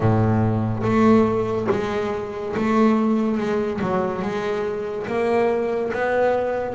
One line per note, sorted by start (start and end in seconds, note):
0.00 0.82 A2
0.83 1.67 A3
1.71 2.55 G#3
2.56 3.37 A3
3.37 3.80 G#3
3.81 4.22 F#3
4.22 5.06 G#3
5.07 5.91 A#3
5.93 6.75 B3